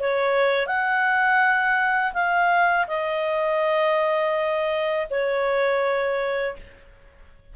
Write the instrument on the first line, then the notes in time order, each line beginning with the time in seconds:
clarinet
0.00 C#5
0.67 F#5
2.14 F5
2.88 D#5
5.11 C#5